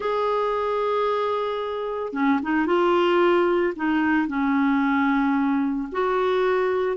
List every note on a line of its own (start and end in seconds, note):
0.00 2.13 G#4
2.13 2.39 C#4
2.42 2.66 D#4
2.66 3.73 F4
3.76 4.27 D#4
4.27 5.88 C#4
5.91 6.96 F#4